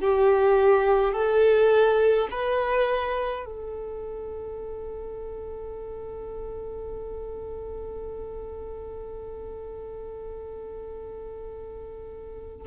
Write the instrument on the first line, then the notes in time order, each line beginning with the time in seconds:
violin
0.00 G4
1.13 A4
2.31 B4
3.46 A4